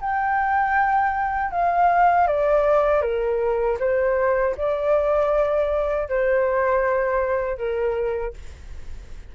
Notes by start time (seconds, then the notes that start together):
0.00 G5
1.51 F5
2.27 D5
3.01 A#4
3.79 C5
4.57 D5
6.09 C5
7.57 A#4